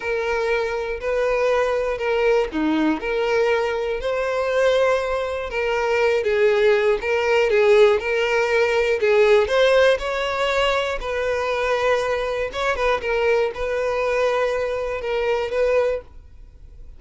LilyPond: \new Staff \with { instrumentName = "violin" } { \time 4/4 \tempo 4 = 120 ais'2 b'2 | ais'4 dis'4 ais'2 | c''2. ais'4~ | ais'8 gis'4. ais'4 gis'4 |
ais'2 gis'4 c''4 | cis''2 b'2~ | b'4 cis''8 b'8 ais'4 b'4~ | b'2 ais'4 b'4 | }